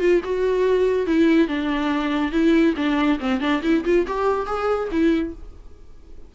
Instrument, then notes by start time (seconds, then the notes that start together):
viola
0.00 F4
0.24 F#4
1.06 E4
1.48 D4
2.32 E4
2.76 D4
3.19 C4
3.40 D4
3.63 E4
3.85 F4
4.07 G4
4.46 G#4
4.91 E4